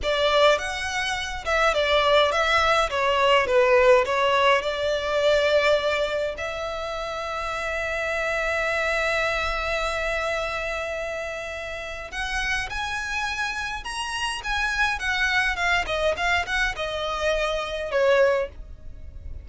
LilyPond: \new Staff \with { instrumentName = "violin" } { \time 4/4 \tempo 4 = 104 d''4 fis''4. e''8 d''4 | e''4 cis''4 b'4 cis''4 | d''2. e''4~ | e''1~ |
e''1~ | e''4 fis''4 gis''2 | ais''4 gis''4 fis''4 f''8 dis''8 | f''8 fis''8 dis''2 cis''4 | }